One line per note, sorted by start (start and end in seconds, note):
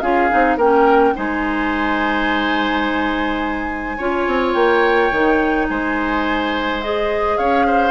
0.00 0.30 C#4
0.00 0.29 F4
0.00 0.57 G#4
0.00 0.57 F5
0.29 0.56 C4
0.29 0.58 D#4
0.56 1.13 A#3
0.56 1.15 C#4
0.56 1.14 A#4
0.56 1.16 G5
1.15 3.98 G#3
1.15 3.98 D#4
1.15 3.97 C5
1.15 4.53 G#5
3.97 4.27 C#4
3.97 5.12 F4
3.97 5.67 C#5
4.27 4.54 C4
4.53 5.11 A#3
4.53 5.66 G5
5.11 5.67 D#3
5.11 6.82 D#4
5.69 7.38 G#3
5.69 7.37 C5
5.69 6.81 G#5
6.81 7.91 G#4
6.81 7.37 D#5
7.37 7.91 C#4
7.37 7.66 C#5
7.37 7.91 F5
7.66 7.91 C5